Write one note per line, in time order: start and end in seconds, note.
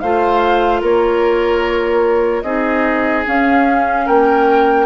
0.00 0.82 A3
0.00 2.45 F4
0.00 0.81 C5
0.00 0.81 F5
0.81 2.43 A#3
0.81 2.43 A#4
0.81 2.42 C#5
2.42 3.24 C4
2.42 3.25 D#4
2.42 4.06 G#4
2.42 3.23 D#5
3.25 4.86 C#4
3.25 4.08 C#4
3.25 4.07 F5
4.06 4.86 A#3
4.06 4.86 A#4
4.06 4.86 G5